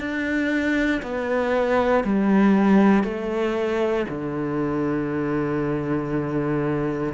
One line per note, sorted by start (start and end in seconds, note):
0.00 1.02 D4
1.03 2.04 B3
2.04 3.04 G3
3.04 4.05 A3
4.09 7.14 D3